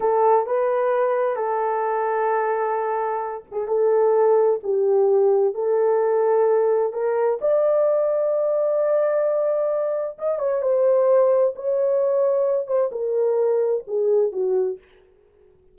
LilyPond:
\new Staff \with { instrumentName = "horn" } { \time 4/4 \tempo 4 = 130 a'4 b'2 a'4~ | a'2.~ a'8 gis'8 | a'2 g'2 | a'2. ais'4 |
d''1~ | d''2 dis''8 cis''8 c''4~ | c''4 cis''2~ cis''8 c''8 | ais'2 gis'4 fis'4 | }